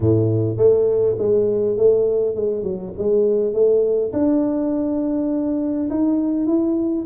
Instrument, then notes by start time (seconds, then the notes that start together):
tuba
0.00 A2
0.57 A3
1.18 G#3
1.77 A3
2.35 G#3
2.63 F#3
2.98 G#3
3.53 A3
4.12 D4
5.90 D#4
6.46 E4